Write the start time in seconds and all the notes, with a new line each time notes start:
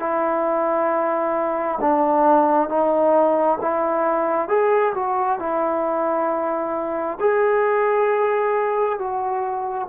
0.00 E4
1.81 D4
2.69 D#4
3.61 E4
4.49 G#4
4.95 F#4
5.40 E4
7.20 G#4
8.99 F#4